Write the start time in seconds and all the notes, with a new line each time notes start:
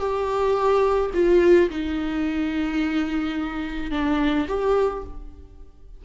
0.00 G4
1.14 F4
1.70 D#4
3.91 D4
4.48 G4